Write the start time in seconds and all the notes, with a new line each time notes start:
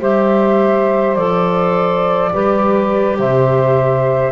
0.00 G3 G4 C5 E5
1.15 F3 A4 D5
2.33 G3 G4 B4
3.18 C3 C5 E5